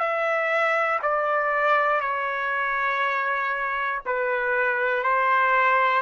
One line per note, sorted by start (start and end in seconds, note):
0.00 1.00 E5
1.02 2.01 D5
2.01 4.01 C#5
4.06 5.04 B4
5.04 6.02 C5